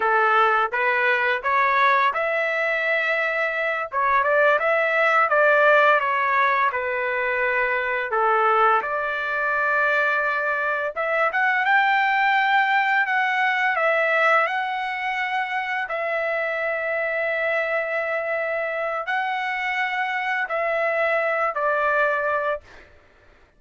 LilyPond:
\new Staff \with { instrumentName = "trumpet" } { \time 4/4 \tempo 4 = 85 a'4 b'4 cis''4 e''4~ | e''4. cis''8 d''8 e''4 d''8~ | d''8 cis''4 b'2 a'8~ | a'8 d''2. e''8 |
fis''8 g''2 fis''4 e''8~ | e''8 fis''2 e''4.~ | e''2. fis''4~ | fis''4 e''4. d''4. | }